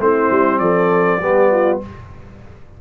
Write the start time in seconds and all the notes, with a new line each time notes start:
0.00 A3 C4 E4 C5
0.31 G3
0.59 F3 A4 D5
1.20 G3 B3 G4
1.52 F4